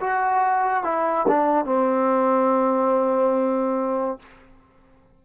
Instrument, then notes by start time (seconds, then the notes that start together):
trombone
0.00 F#4
0.84 E4
1.28 D4
1.65 C4